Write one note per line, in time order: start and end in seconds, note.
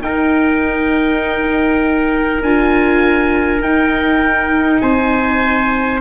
0.00 2.40 D#4
0.00 2.42 D#4
0.00 4.82 A#4
0.00 2.41 G5
2.41 3.60 D4
2.41 3.62 F4
2.41 3.62 G#5
3.60 4.79 D#4
3.60 6.00 D#4
3.60 4.81 G5
4.81 6.00 C4
4.81 6.00 C5
4.81 6.00 G#5